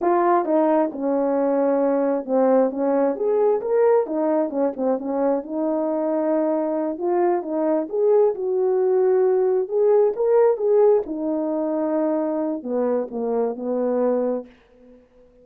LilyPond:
\new Staff \with { instrumentName = "horn" } { \time 4/4 \tempo 4 = 133 f'4 dis'4 cis'2~ | cis'4 c'4 cis'4 gis'4 | ais'4 dis'4 cis'8 c'8 cis'4 | dis'2.~ dis'8 f'8~ |
f'8 dis'4 gis'4 fis'4.~ | fis'4. gis'4 ais'4 gis'8~ | gis'8 dis'2.~ dis'8 | b4 ais4 b2 | }